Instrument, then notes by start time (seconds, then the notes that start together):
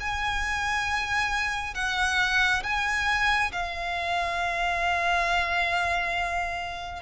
violin
0.00 G#5
1.74 F#5
2.64 G#5
3.52 F5